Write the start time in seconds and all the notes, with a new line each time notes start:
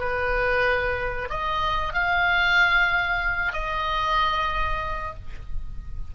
0.00 B4
1.30 D#5
1.94 F5
3.54 D#5